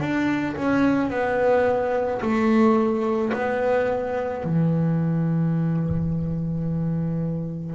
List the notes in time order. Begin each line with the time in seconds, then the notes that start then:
0.00 D4
0.56 C#4
1.10 B3
2.21 A3
3.33 B3
4.44 E3